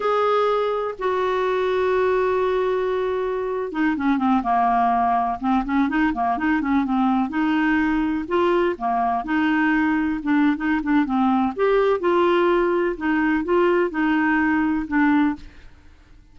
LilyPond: \new Staff \with { instrumentName = "clarinet" } { \time 4/4 \tempo 4 = 125 gis'2 fis'2~ | fis'2.~ fis'8. dis'16~ | dis'16 cis'8 c'8 ais2 c'8 cis'16~ | cis'16 dis'8 ais8 dis'8 cis'8 c'4 dis'8.~ |
dis'4~ dis'16 f'4 ais4 dis'8.~ | dis'4~ dis'16 d'8. dis'8 d'8 c'4 | g'4 f'2 dis'4 | f'4 dis'2 d'4 | }